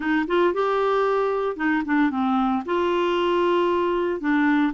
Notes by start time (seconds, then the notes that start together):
0.00 D#4
0.27 F4
0.53 G4
1.56 D#4
1.85 D4
2.10 C4
2.65 F4
4.20 D4